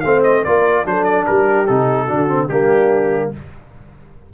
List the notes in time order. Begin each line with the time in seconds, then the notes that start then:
0.00 A3 C4 C5 F5
0.23 D#5
0.43 A#3 F4 A#4 D5
0.85 F#3 D4 A4 C5
1.04 D5
1.26 G3 G4 A#4
1.67 C3 D#4 A4
2.04 D3 D4 F#4
2.28 C4
2.48 G3 A#3 D4 G4